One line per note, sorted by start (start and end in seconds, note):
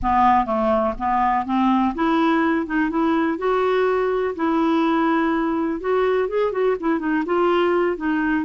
0.02 0.45 B3
0.45 0.93 A3
0.98 1.45 B3
1.45 1.94 C4
1.94 2.66 E4
2.66 2.90 D#4
2.90 3.38 E4
3.38 4.34 F#4
4.35 5.80 E4
5.80 6.28 F#4
6.28 6.51 G#4
6.51 6.76 F#4
6.80 6.99 E4
6.99 7.23 D#4
7.25 7.96 F4
7.96 8.45 D#4